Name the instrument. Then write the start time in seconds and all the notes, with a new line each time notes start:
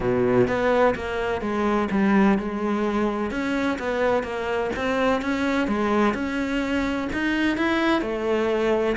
cello
0.00 B2
0.47 B3
0.95 A#3
1.41 G#3
1.91 G3
2.38 G#3
3.30 C#4
3.78 B3
4.23 A#3
4.76 C4
5.21 C#4
5.67 G#3
6.14 C#4
7.12 D#4
7.57 E4
8.01 A3